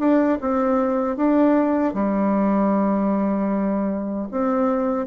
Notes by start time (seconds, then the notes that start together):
0.00 D4
0.41 C4
1.17 D4
1.95 G3
4.32 C4